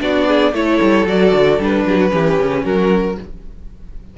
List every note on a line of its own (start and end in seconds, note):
0.00 0.53 B3
0.00 0.53 D4
0.00 0.27 F#4
0.00 0.54 D5
0.27 0.54 G#4
0.53 0.79 A3
0.53 1.07 E4
0.53 1.86 A4
0.53 1.07 C#5
0.81 1.06 G3
1.06 1.32 F#3
1.06 1.60 F#4
1.06 1.61 D5
1.32 1.59 D3
1.59 1.85 G3
1.59 2.09 D4
1.59 2.64 B4
1.86 2.13 F#3
1.86 1.97 G4
1.97 2.11 F#4
2.09 2.38 E3
2.09 3.15 C#4
2.09 2.64 G4
2.38 2.64 C#3
2.64 3.18 F#3
2.64 3.17 F#4
2.64 3.17 A#4